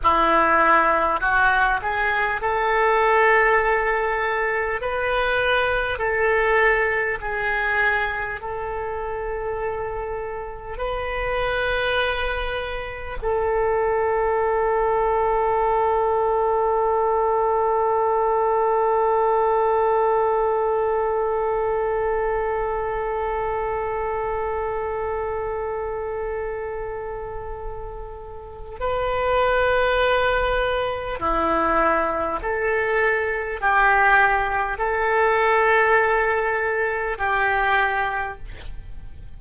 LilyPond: \new Staff \with { instrumentName = "oboe" } { \time 4/4 \tempo 4 = 50 e'4 fis'8 gis'8 a'2 | b'4 a'4 gis'4 a'4~ | a'4 b'2 a'4~ | a'1~ |
a'1~ | a'1 | b'2 e'4 a'4 | g'4 a'2 g'4 | }